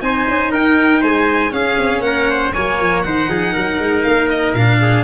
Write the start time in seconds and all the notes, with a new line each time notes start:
0.00 C4 D#4 C5 G#5
0.27 C#4
0.51 D#4 A#4 G5
1.00 G#3 C5 G#5
1.50 C#4 G#4 F5
1.78 C4
1.99 A#3 A#4 F#5
2.30 C5
2.53 F#3 A#3 C#5 G#5
2.79 F3
3.01 D#3 D#4 C5 F#5
3.28 F3 G#4
3.52 F#3 A#4
3.79 G#3
4.03 A#3 F5
4.29 D#5
4.53 A#2 D4 F5
4.81 G#4